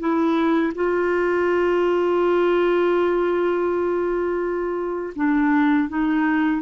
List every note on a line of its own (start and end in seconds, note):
0.00 0.73 E4
0.75 5.14 F4
5.16 5.89 D4
5.89 6.62 D#4